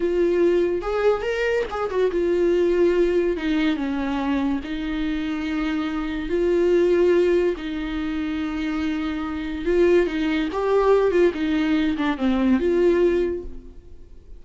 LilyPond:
\new Staff \with { instrumentName = "viola" } { \time 4/4 \tempo 4 = 143 f'2 gis'4 ais'4 | gis'8 fis'8 f'2. | dis'4 cis'2 dis'4~ | dis'2. f'4~ |
f'2 dis'2~ | dis'2. f'4 | dis'4 g'4. f'8 dis'4~ | dis'8 d'8 c'4 f'2 | }